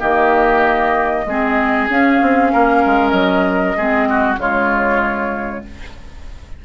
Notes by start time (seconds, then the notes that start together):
0.00 D#3 A#3 G4 D#5
1.26 G#3 C4 G#4
1.89 C#4 F5
2.22 C4
2.53 A#3 A#4
2.86 G#3
3.10 F#3 D#5
3.77 G#3 C4 G#4
4.10 F#4
4.38 C#3 G#3 F4 C#5